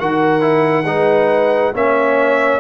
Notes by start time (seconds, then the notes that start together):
0.00 D#3 F#4 A#4 F#5
0.41 E4
0.85 G#3 D#4 B4
1.74 A#3 C#4 C#5 E5